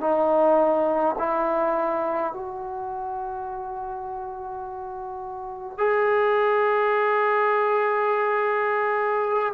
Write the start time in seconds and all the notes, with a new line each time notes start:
0.00 D#4
1.18 E4
2.33 F#4
5.77 G#4